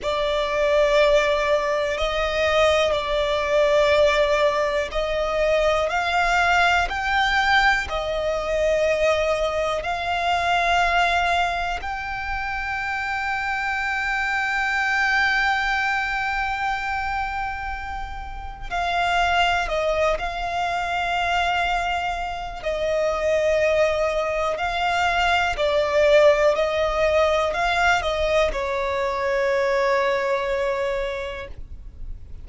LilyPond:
\new Staff \with { instrumentName = "violin" } { \time 4/4 \tempo 4 = 61 d''2 dis''4 d''4~ | d''4 dis''4 f''4 g''4 | dis''2 f''2 | g''1~ |
g''2. f''4 | dis''8 f''2~ f''8 dis''4~ | dis''4 f''4 d''4 dis''4 | f''8 dis''8 cis''2. | }